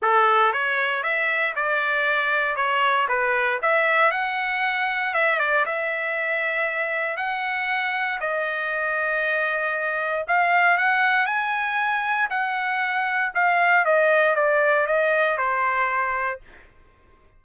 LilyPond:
\new Staff \with { instrumentName = "trumpet" } { \time 4/4 \tempo 4 = 117 a'4 cis''4 e''4 d''4~ | d''4 cis''4 b'4 e''4 | fis''2 e''8 d''8 e''4~ | e''2 fis''2 |
dis''1 | f''4 fis''4 gis''2 | fis''2 f''4 dis''4 | d''4 dis''4 c''2 | }